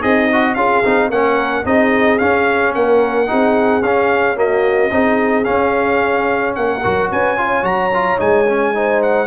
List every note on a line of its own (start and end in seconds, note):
0.00 0.56 C4
0.00 0.55 D#4
0.00 0.29 G#4
0.00 0.55 D#5
0.32 0.57 F#4
0.55 0.83 C#4
0.55 0.84 F4
0.55 1.11 G#4
0.55 1.09 F5
0.85 1.10 C4
0.85 1.12 D#4
1.10 1.64 A#3
1.10 1.65 C#4
1.10 1.66 A#4
1.10 1.66 F#5
1.65 2.20 C4
1.65 2.19 D#4
1.65 2.75 G#4
1.65 2.19 D#5
2.19 3.27 C#4
2.19 2.76 C#4
2.19 2.73 F5
2.75 3.30 A#3
2.75 3.29 A#4
2.75 3.83 F#5
3.27 3.82 C4
3.27 3.82 D#4
3.27 4.37 G#4
3.82 4.91 C#4
3.82 4.36 C#4
3.82 4.37 F5
4.36 4.90 A#3
4.36 4.91 F#4
4.36 5.45 D#5
4.91 5.46 C4
4.91 5.44 D#4
4.91 6.57 G#4
5.44 6.81 C#4
5.44 6.57 C#4
5.44 6.54 F5
6.55 6.85 A#3
6.55 7.11 A#4
6.55 7.10 F#5
6.84 7.12 F#3
6.84 7.37 F#4
7.11 7.63 C#4
7.11 7.38 B4
7.11 7.65 G#5
7.37 7.63 F4
7.37 8.75 C#5
7.63 8.17 F#3
7.63 7.90 F#4
7.63 8.19 A#5
7.94 8.18 F4
8.18 9.27 G#3
8.18 8.45 D#4
8.18 9.02 G#5
8.48 8.74 C#4
8.74 9.27 D#4
8.74 9.27 C5
9.03 9.27 F#5